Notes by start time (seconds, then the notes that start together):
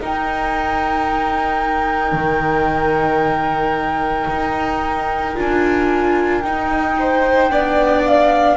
0.00 D#4 A#4 G5
2.12 D#3
4.29 D#4
5.35 D4 F4 G#5
6.41 D#4 G5
6.99 C5
7.50 B3 D4 D5
8.05 F5